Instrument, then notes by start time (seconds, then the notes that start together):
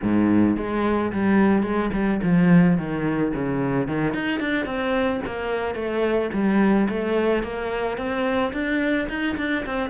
cello
0.02 G#2
0.57 G#3
1.12 G3
1.62 G#3
1.93 G3
2.23 F3
2.77 D#3
3.34 C#3
3.87 D#3
4.14 D#4
4.40 D4
4.65 C4
5.25 A#3
5.74 A3
6.33 G3
6.89 A3
7.43 A#3
7.97 C4
8.52 D4
9.08 D#4
9.37 D4
9.65 C4